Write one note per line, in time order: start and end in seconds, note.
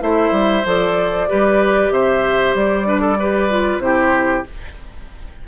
0.00 0.31 A3
0.00 0.63 E4
0.00 1.29 C5
0.00 0.65 E5
0.31 0.63 G3
0.66 1.29 F3
0.66 1.28 A4
0.66 1.92 D5
1.28 1.90 G3
1.28 2.85 G4
1.28 1.93 B4
1.90 2.53 C3
1.90 2.88 C5
1.90 2.55 E5
2.55 3.79 G3
2.55 3.81 D5
2.85 3.16 D4
2.85 3.01 B4
3.01 3.17 A4
3.20 3.50 G4
3.20 3.83 B4
3.50 3.81 F4
3.79 4.42 C3
3.79 4.44 E4
3.79 4.47 G4
3.79 4.44 C5